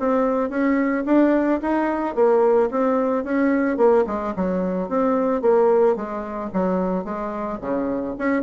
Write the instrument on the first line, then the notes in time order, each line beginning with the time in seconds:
bassoon
0.00 C4
0.50 C#4
1.06 D4
1.62 D#4
2.15 A#3
2.71 C4
3.24 C#4
3.77 A#3
4.07 G#3
4.36 F#3
4.89 C4
5.42 A#3
5.96 G#3
6.54 F#3
7.05 G#3
7.61 C#3
8.18 C#4